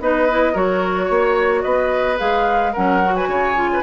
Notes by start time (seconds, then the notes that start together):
0.00 B3 D#4 B4 D#5
0.30 E4
0.53 F#3 F#4 A#4 C#5
1.06 A#3 C#5
1.62 B3 B4 D#5
2.18 G#3 G#4 F5
2.73 F#3 C#4 A#4 F#5
3.04 F#4
3.16 B4 G#5
3.27 C#3 C#5
3.56 F4
3.73 B4